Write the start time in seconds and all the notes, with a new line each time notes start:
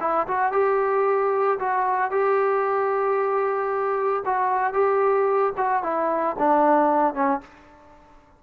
0.00 E4
0.27 F#4
0.52 G4
1.59 F#4
2.11 G4
4.25 F#4
4.73 G4
5.57 F#4
5.83 E4
6.38 D4
7.14 C#4